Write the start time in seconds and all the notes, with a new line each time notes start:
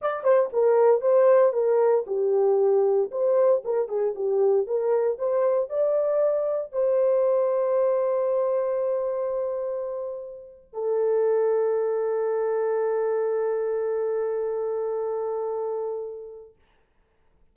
0.01 D5
0.23 C5
0.53 A#4
1.01 C5
1.53 A#4
2.06 G4
3.11 C5
3.64 A#4
3.88 G#4
4.15 G4
4.67 A#4
5.18 C5
5.69 D5
6.72 C5
10.73 A4